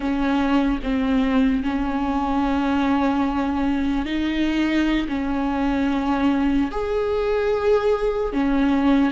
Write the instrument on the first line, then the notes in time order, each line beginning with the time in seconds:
viola
0.00 C#4
0.83 C4
1.63 C#4
4.05 D#4
5.08 C#4
6.71 G#4
8.33 C#4